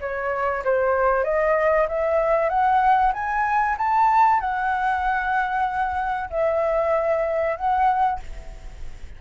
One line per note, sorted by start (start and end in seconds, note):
0.00 0.63 C#5
0.64 1.24 C5
1.24 1.87 D#5
1.88 2.49 E5
2.49 3.12 F#5
3.13 3.76 G#5
3.78 4.40 A5
4.40 6.30 F#5
6.30 7.56 E5
7.56 8.20 F#5